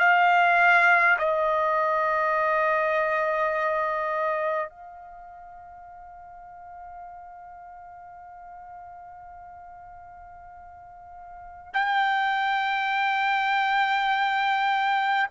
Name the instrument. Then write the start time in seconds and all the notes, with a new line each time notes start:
trumpet
0.00 F5
1.19 D#5
4.70 F5
11.74 G5